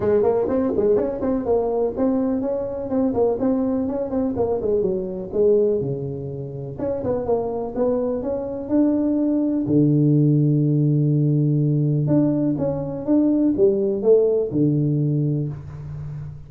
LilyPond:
\new Staff \with { instrumentName = "tuba" } { \time 4/4 \tempo 4 = 124 gis8 ais8 c'8 gis8 cis'8 c'8 ais4 | c'4 cis'4 c'8 ais8 c'4 | cis'8 c'8 ais8 gis8 fis4 gis4 | cis2 cis'8 b8 ais4 |
b4 cis'4 d'2 | d1~ | d4 d'4 cis'4 d'4 | g4 a4 d2 | }